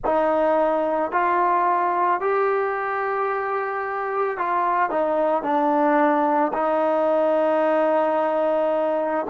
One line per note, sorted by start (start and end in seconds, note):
0.04 1.12 D#4
1.12 2.20 F4
2.20 4.37 G4
4.37 4.90 F4
4.90 5.42 D#4
5.42 6.52 D4
6.53 9.25 D#4